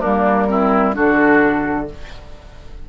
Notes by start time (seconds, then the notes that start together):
0.00 G3 A#3 D4 A#4
0.48 C4 E4
0.93 D3 D4 F#4 A4